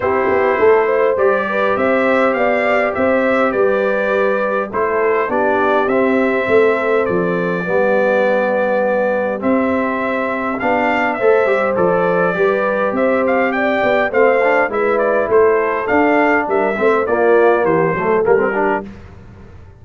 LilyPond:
<<
  \new Staff \with { instrumentName = "trumpet" } { \time 4/4 \tempo 4 = 102 c''2 d''4 e''4 | f''4 e''4 d''2 | c''4 d''4 e''2 | d''1 |
e''2 f''4 e''4 | d''2 e''8 f''8 g''4 | f''4 e''8 d''8 c''4 f''4 | e''4 d''4 c''4 ais'4 | }
  \new Staff \with { instrumentName = "horn" } { \time 4/4 g'4 a'8 c''4 b'8 c''4 | d''4 c''4 b'2 | a'4 g'2 a'4~ | a'4 g'2.~ |
g'2. c''4~ | c''4 b'4 c''4 d''4 | c''4 b'4 a'2 | ais'8 c''8 f'4 g'8 a'4 g'8 | }
  \new Staff \with { instrumentName = "trombone" } { \time 4/4 e'2 g'2~ | g'1 | e'4 d'4 c'2~ | c'4 b2. |
c'2 d'4 a'8 g'8 | a'4 g'2. | c'8 d'8 e'2 d'4~ | d'8 c'8 ais4. a8 ais16 c'16 d'8 | }
  \new Staff \with { instrumentName = "tuba" } { \time 4/4 c'8 b8 a4 g4 c'4 | b4 c'4 g2 | a4 b4 c'4 a4 | f4 g2. |
c'2 b4 a8 g8 | f4 g4 c'4. b8 | a4 gis4 a4 d'4 | g8 a8 ais4 e8 fis8 g4 | }
>>